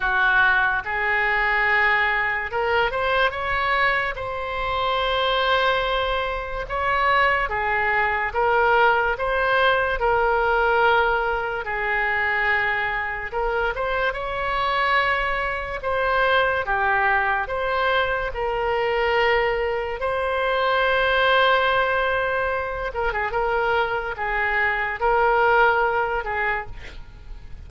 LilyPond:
\new Staff \with { instrumentName = "oboe" } { \time 4/4 \tempo 4 = 72 fis'4 gis'2 ais'8 c''8 | cis''4 c''2. | cis''4 gis'4 ais'4 c''4 | ais'2 gis'2 |
ais'8 c''8 cis''2 c''4 | g'4 c''4 ais'2 | c''2.~ c''8 ais'16 gis'16 | ais'4 gis'4 ais'4. gis'8 | }